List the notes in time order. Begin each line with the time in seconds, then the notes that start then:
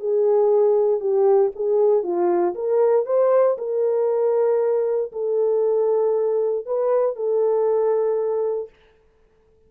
0.00 G#4
1.00 G4
1.55 G#4
2.03 F4
2.55 A#4
3.06 C5
3.58 A#4
5.12 A4
6.66 B4
7.16 A4